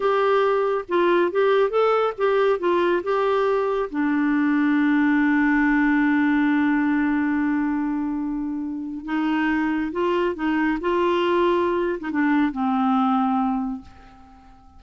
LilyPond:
\new Staff \with { instrumentName = "clarinet" } { \time 4/4 \tempo 4 = 139 g'2 f'4 g'4 | a'4 g'4 f'4 g'4~ | g'4 d'2.~ | d'1~ |
d'1~ | d'4 dis'2 f'4 | dis'4 f'2~ f'8. dis'16 | d'4 c'2. | }